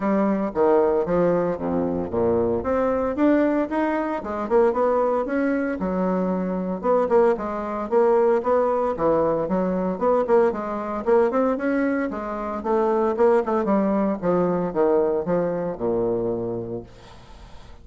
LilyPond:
\new Staff \with { instrumentName = "bassoon" } { \time 4/4 \tempo 4 = 114 g4 dis4 f4 f,4 | ais,4 c'4 d'4 dis'4 | gis8 ais8 b4 cis'4 fis4~ | fis4 b8 ais8 gis4 ais4 |
b4 e4 fis4 b8 ais8 | gis4 ais8 c'8 cis'4 gis4 | a4 ais8 a8 g4 f4 | dis4 f4 ais,2 | }